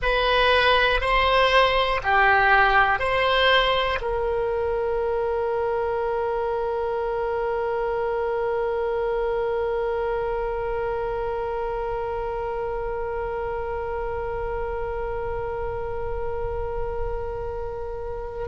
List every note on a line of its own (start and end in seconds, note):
0.01 1.00 B4
1.00 2.00 C5
2.03 2.99 G4
2.99 3.99 C5
4.00 18.48 A#4